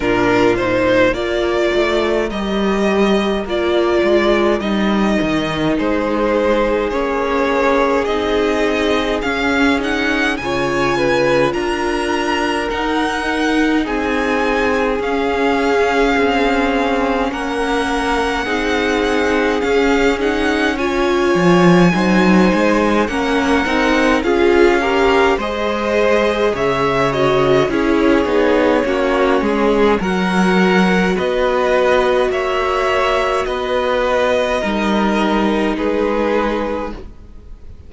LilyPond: <<
  \new Staff \with { instrumentName = "violin" } { \time 4/4 \tempo 4 = 52 ais'8 c''8 d''4 dis''4 d''4 | dis''4 c''4 cis''4 dis''4 | f''8 fis''8 gis''4 ais''4 fis''4 | gis''4 f''2 fis''4~ |
fis''4 f''8 fis''8 gis''2 | fis''4 f''4 dis''4 e''8 dis''8 | cis''2 fis''4 dis''4 | e''4 dis''2 b'4 | }
  \new Staff \with { instrumentName = "violin" } { \time 4/4 f'4 ais'2.~ | ais'4 gis'2.~ | gis'4 cis''8 b'8 ais'2 | gis'2. ais'4 |
gis'2 cis''4 c''4 | ais'4 gis'8 ais'8 c''4 cis''4 | gis'4 fis'8 gis'8 ais'4 b'4 | cis''4 b'4 ais'4 gis'4 | }
  \new Staff \with { instrumentName = "viola" } { \time 4/4 d'8 dis'8 f'4 g'4 f'4 | dis'2 cis'4 dis'4 | cis'8 dis'8 f'2 dis'4~ | dis'4 cis'2. |
dis'4 cis'8 dis'8 f'4 dis'4 | cis'8 dis'8 f'8 g'8 gis'4. fis'8 | e'8 dis'8 cis'4 fis'2~ | fis'2 dis'2 | }
  \new Staff \with { instrumentName = "cello" } { \time 4/4 ais,4 ais8 a8 g4 ais8 gis8 | g8 dis8 gis4 ais4 c'4 | cis'4 cis4 d'4 dis'4 | c'4 cis'4 c'4 ais4 |
c'4 cis'4. f8 fis8 gis8 | ais8 c'8 cis'4 gis4 cis4 | cis'8 b8 ais8 gis8 fis4 b4 | ais4 b4 g4 gis4 | }
>>